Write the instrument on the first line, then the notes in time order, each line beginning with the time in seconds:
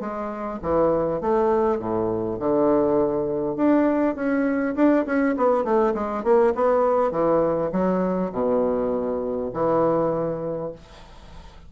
bassoon
0.00 G#3
0.62 E3
1.21 A3
1.79 A2
2.40 D3
3.56 D4
4.15 C#4
4.76 D4
5.06 C#4
5.37 B3
5.64 A3
5.94 G#3
6.24 A#3
6.55 B3
7.11 E3
7.72 F#3
8.32 B2
9.53 E3